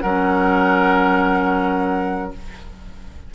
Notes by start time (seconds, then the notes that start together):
0.00 F#3 C#4 A#4 F#5